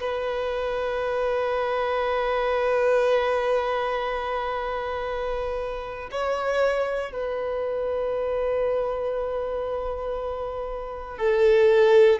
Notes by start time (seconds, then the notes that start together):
0.00 B4
6.12 C#5
7.12 B4
11.18 A4